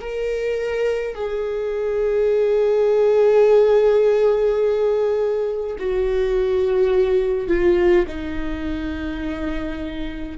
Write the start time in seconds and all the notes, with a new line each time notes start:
0.00 A#4
1.14 G#4
5.78 F#4
7.48 F4
8.08 D#4